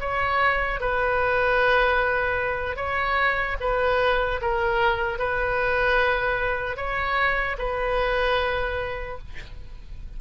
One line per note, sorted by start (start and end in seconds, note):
0.00 0.80 C#5
0.80 2.76 B4
2.76 3.56 C#5
3.60 4.40 B4
4.41 5.18 A#4
5.18 6.77 B4
6.77 7.57 C#5
7.58 9.18 B4